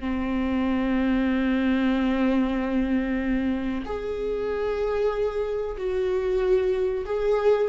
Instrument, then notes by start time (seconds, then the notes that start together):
viola
0.00 C4
3.85 G#4
5.77 F#4
7.05 G#4